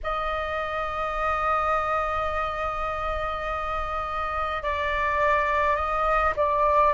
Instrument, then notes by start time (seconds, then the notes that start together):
flute
0.03 D#5
4.62 D5
5.75 D#5
6.36 D5